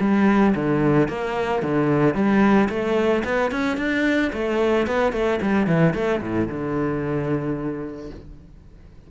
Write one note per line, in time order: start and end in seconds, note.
0.00 0.54 G3
0.55 1.08 D3
1.08 1.62 A#3
1.62 2.14 D3
2.14 2.68 G3
2.69 3.23 A3
3.24 3.51 B3
3.51 3.77 C#4
3.77 4.31 D4
4.32 4.86 A3
4.86 5.12 B3
5.12 5.39 A3
5.41 5.67 G3
5.67 5.94 E3
5.94 6.21 A3
6.21 6.48 A2
6.48 8.10 D3